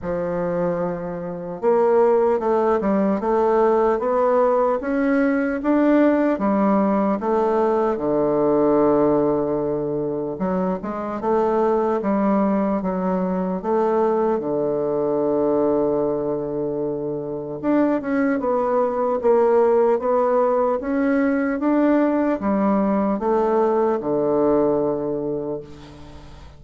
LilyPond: \new Staff \with { instrumentName = "bassoon" } { \time 4/4 \tempo 4 = 75 f2 ais4 a8 g8 | a4 b4 cis'4 d'4 | g4 a4 d2~ | d4 fis8 gis8 a4 g4 |
fis4 a4 d2~ | d2 d'8 cis'8 b4 | ais4 b4 cis'4 d'4 | g4 a4 d2 | }